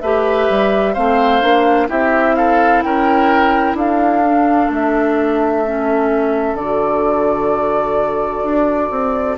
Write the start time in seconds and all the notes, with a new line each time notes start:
0.00 A3 G4 B4 E5
0.49 G3
0.93 A3 C4 C5 F5
1.41 A#3 D4
1.88 C4 E4 G4 E5
2.35 A4 F5
2.82 C#4 A#4 G5
3.74 D4 A4 F5
4.24 D4
4.69 A3 E5
5.65 C#4
6.54 D3 F#4 D5
8.43 D4
8.90 C4